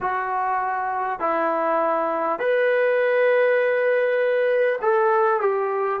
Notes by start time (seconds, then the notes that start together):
0.00 F#4
1.19 E4
2.39 B4
4.81 A4
5.40 G4